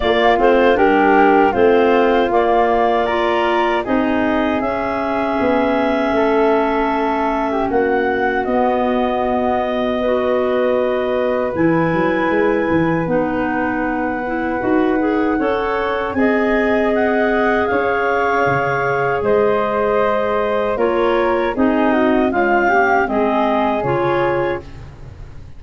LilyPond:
<<
  \new Staff \with { instrumentName = "clarinet" } { \time 4/4 \tempo 4 = 78 d''8 c''8 ais'4 c''4 d''4~ | d''4 dis''4 e''2~ | e''2 fis''4 dis''4~ | dis''2. gis''4~ |
gis''4 fis''2.~ | fis''4 gis''4 fis''4 f''4~ | f''4 dis''2 cis''4 | dis''4 f''4 dis''4 cis''4 | }
  \new Staff \with { instrumentName = "flute" } { \time 4/4 f'4 g'4 f'2 | ais'4 gis'2. | a'4.~ a'16 g'16 fis'2~ | fis'4 b'2.~ |
b'1 | cis''4 dis''2 cis''4~ | cis''4 c''2 ais'4 | gis'8 fis'8 f'8 g'8 gis'2 | }
  \new Staff \with { instrumentName = "clarinet" } { \time 4/4 ais8 c'8 d'4 c'4 ais4 | f'4 dis'4 cis'2~ | cis'2. b4~ | b4 fis'2 e'4~ |
e'4 dis'4. e'8 fis'8 gis'8 | a'4 gis'2.~ | gis'2. f'4 | dis'4 gis8 ais8 c'4 f'4 | }
  \new Staff \with { instrumentName = "tuba" } { \time 4/4 ais8 a8 g4 a4 ais4~ | ais4 c'4 cis'4 b4 | a2 ais4 b4~ | b2. e8 fis8 |
gis8 e8 b2 dis'4 | cis'4 c'2 cis'4 | cis4 gis2 ais4 | c'4 cis'4 gis4 cis4 | }
>>